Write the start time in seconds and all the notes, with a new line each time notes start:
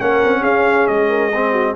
0.00 A#3 C#4 A#4 F#5
0.25 C4
0.41 C#4 G#4 F5
0.87 G#3 D#5
1.09 A#4
1.33 C4 G#4
1.53 F#4